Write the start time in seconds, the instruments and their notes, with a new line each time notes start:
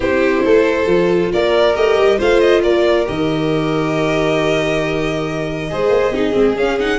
0.00 tuba C4, viola E4, violin G4 C5
0.44 tuba A3, violin A4
0.85 tuba F3, viola F4
1.32 tuba A#3, violin A#4 D5
1.75 tuba A3, viola G4, violin D#5
1.97 tuba G3
2.18 tuba A3, viola F4, violin C5 F5
2.40 violin D#5
2.62 tuba A#3, violin A#4 D5
3.05 tuba D#3, viola G4, violin D#5
5.70 tuba G#3, viola G#4, violin C5
5.89 tuba A#3
6.10 tuba C4, viola D#4, violin G#4
6.32 tuba G#3, viola C4
6.55 tuba C#4, viola C#4, violin F5
6.79 viola D#4, violin F#5